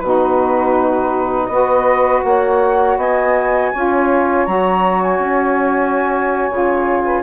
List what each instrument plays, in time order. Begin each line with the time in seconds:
0.00 bassoon B2, saxophone D#4 F#4, flute B4
1.47 bassoon B3, saxophone F#4 B4, flute D#5
2.24 bassoon A#3, saxophone C#5, flute F#5
2.97 bassoon B3, saxophone D#5, flute G#5
3.73 bassoon C#4, saxophone F4 C#5
4.46 bassoon F#3, saxophone F#4, flute A#5
5.03 flute G#5
5.19 bassoon C#4
6.50 bassoon C#3, saxophone F4
7.04 saxophone B4